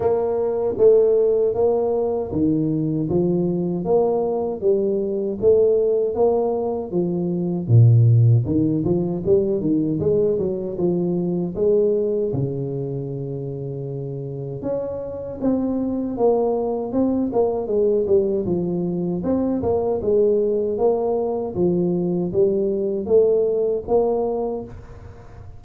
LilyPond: \new Staff \with { instrumentName = "tuba" } { \time 4/4 \tempo 4 = 78 ais4 a4 ais4 dis4 | f4 ais4 g4 a4 | ais4 f4 ais,4 dis8 f8 | g8 dis8 gis8 fis8 f4 gis4 |
cis2. cis'4 | c'4 ais4 c'8 ais8 gis8 g8 | f4 c'8 ais8 gis4 ais4 | f4 g4 a4 ais4 | }